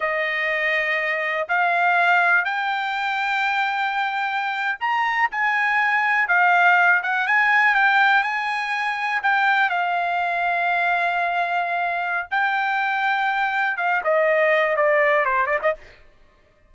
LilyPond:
\new Staff \with { instrumentName = "trumpet" } { \time 4/4 \tempo 4 = 122 dis''2. f''4~ | f''4 g''2.~ | g''4.~ g''16 ais''4 gis''4~ gis''16~ | gis''8. f''4. fis''8 gis''4 g''16~ |
g''8. gis''2 g''4 f''16~ | f''1~ | f''4 g''2. | f''8 dis''4. d''4 c''8 d''16 dis''16 | }